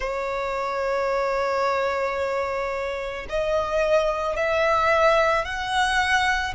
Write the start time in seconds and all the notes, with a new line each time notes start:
0.00 C#5
3.29 D#5
4.36 E5
5.44 F#5